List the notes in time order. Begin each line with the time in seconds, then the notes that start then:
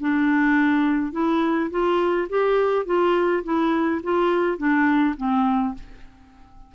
0.00 D4
1.12 E4
1.70 F4
2.29 G4
2.85 F4
3.43 E4
4.03 F4
4.57 D4
5.17 C4